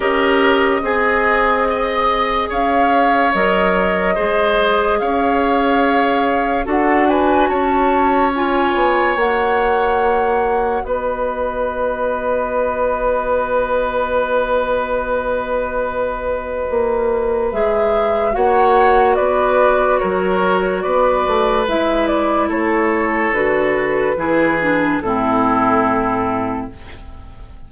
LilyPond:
<<
  \new Staff \with { instrumentName = "flute" } { \time 4/4 \tempo 4 = 72 dis''2. f''4 | dis''2 f''2 | fis''8 gis''8 a''4 gis''4 fis''4~ | fis''4 dis''2.~ |
dis''1~ | dis''4 e''4 fis''4 d''4 | cis''4 d''4 e''8 d''8 cis''4 | b'2 a'2 | }
  \new Staff \with { instrumentName = "oboe" } { \time 4/4 ais'4 gis'4 dis''4 cis''4~ | cis''4 c''4 cis''2 | a'8 b'8 cis''2.~ | cis''4 b'2.~ |
b'1~ | b'2 cis''4 b'4 | ais'4 b'2 a'4~ | a'4 gis'4 e'2 | }
  \new Staff \with { instrumentName = "clarinet" } { \time 4/4 g'4 gis'2. | ais'4 gis'2. | fis'2 f'4 fis'4~ | fis'1~ |
fis'1~ | fis'4 gis'4 fis'2~ | fis'2 e'2 | fis'4 e'8 d'8 c'2 | }
  \new Staff \with { instrumentName = "bassoon" } { \time 4/4 cis'4 c'2 cis'4 | fis4 gis4 cis'2 | d'4 cis'4. b8 ais4~ | ais4 b2.~ |
b1 | ais4 gis4 ais4 b4 | fis4 b8 a8 gis4 a4 | d4 e4 a,2 | }
>>